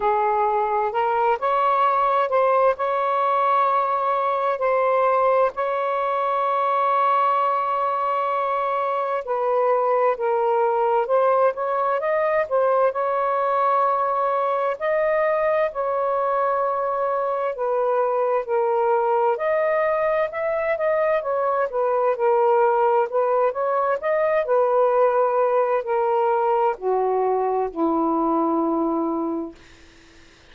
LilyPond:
\new Staff \with { instrumentName = "saxophone" } { \time 4/4 \tempo 4 = 65 gis'4 ais'8 cis''4 c''8 cis''4~ | cis''4 c''4 cis''2~ | cis''2 b'4 ais'4 | c''8 cis''8 dis''8 c''8 cis''2 |
dis''4 cis''2 b'4 | ais'4 dis''4 e''8 dis''8 cis''8 b'8 | ais'4 b'8 cis''8 dis''8 b'4. | ais'4 fis'4 e'2 | }